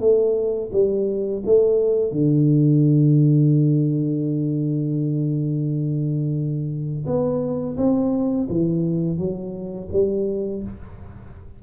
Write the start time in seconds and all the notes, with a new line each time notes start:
0.00 A3
0.72 G3
1.46 A3
2.11 D3
7.06 B3
7.77 C4
8.49 E3
9.18 F#3
9.92 G3